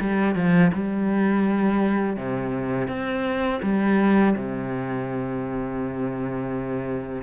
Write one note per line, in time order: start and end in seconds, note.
0.00 0.35 G3
0.35 0.72 F3
0.73 2.17 G3
2.17 2.88 C3
2.88 3.60 C4
3.62 4.35 G3
4.36 7.23 C3